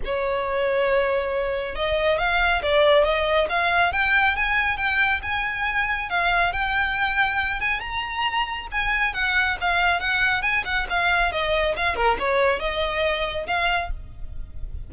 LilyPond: \new Staff \with { instrumentName = "violin" } { \time 4/4 \tempo 4 = 138 cis''1 | dis''4 f''4 d''4 dis''4 | f''4 g''4 gis''4 g''4 | gis''2 f''4 g''4~ |
g''4. gis''8 ais''2 | gis''4 fis''4 f''4 fis''4 | gis''8 fis''8 f''4 dis''4 f''8 ais'8 | cis''4 dis''2 f''4 | }